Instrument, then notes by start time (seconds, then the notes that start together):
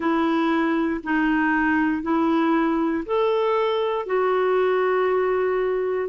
clarinet
0.00 E4
1.03 D#4
2.02 E4
3.05 A4
4.05 F#4